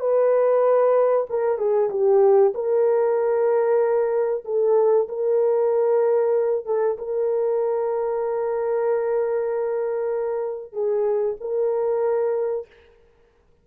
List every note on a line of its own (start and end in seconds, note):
0.00 1.26 B4
1.30 1.58 A#4
1.58 1.89 G#4
1.90 2.53 G4
2.54 4.44 A#4
4.45 5.08 A4
5.08 6.65 A#4
6.65 6.97 A4
6.98 10.73 A#4
10.73 11.36 G#4
11.41 12.67 A#4